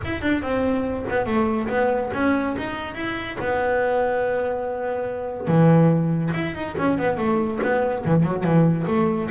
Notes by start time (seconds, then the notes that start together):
0.05 E4
0.21 D4
0.42 C4
1.09 B3
1.25 A3
1.68 B3
2.13 C#4
2.57 D#4
2.94 E4
3.39 B3
5.47 E3
6.34 E4
6.54 D#4
6.77 C#4
6.98 B3
7.17 A3
7.62 B3
8.05 E3
8.23 F#3
8.43 E3
8.87 A3